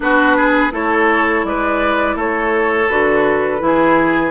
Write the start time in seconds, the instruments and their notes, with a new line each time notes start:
0.00 bassoon B3, clarinet D4, oboe F#4, flute B4
0.36 oboe G#4
0.70 bassoon A3, clarinet E4, oboe A4, flute C#5
1.44 bassoon G#3, oboe B4, flute D5
2.15 bassoon A3, oboe A4, flute C#5
2.89 bassoon D3, clarinet F#4, flute B4
3.59 bassoon E3, clarinet E4, oboe G#4